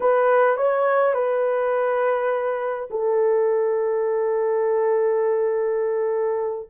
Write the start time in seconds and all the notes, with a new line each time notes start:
0.00 B4
0.56 C#5
1.14 B4
2.90 A4